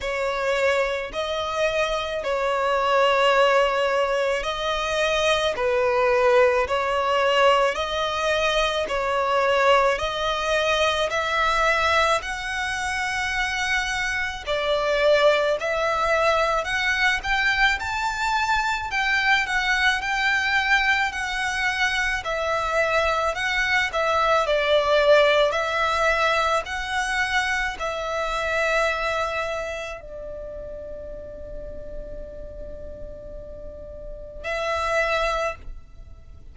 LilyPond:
\new Staff \with { instrumentName = "violin" } { \time 4/4 \tempo 4 = 54 cis''4 dis''4 cis''2 | dis''4 b'4 cis''4 dis''4 | cis''4 dis''4 e''4 fis''4~ | fis''4 d''4 e''4 fis''8 g''8 |
a''4 g''8 fis''8 g''4 fis''4 | e''4 fis''8 e''8 d''4 e''4 | fis''4 e''2 d''4~ | d''2. e''4 | }